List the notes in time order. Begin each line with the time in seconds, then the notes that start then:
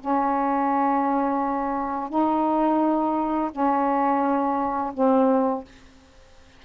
0.00 C#4
2.09 D#4
3.51 C#4
4.93 C4